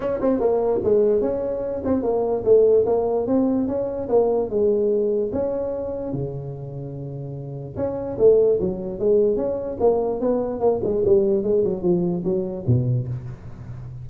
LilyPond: \new Staff \with { instrumentName = "tuba" } { \time 4/4 \tempo 4 = 147 cis'8 c'8 ais4 gis4 cis'4~ | cis'8 c'8 ais4 a4 ais4 | c'4 cis'4 ais4 gis4~ | gis4 cis'2 cis4~ |
cis2. cis'4 | a4 fis4 gis4 cis'4 | ais4 b4 ais8 gis8 g4 | gis8 fis8 f4 fis4 b,4 | }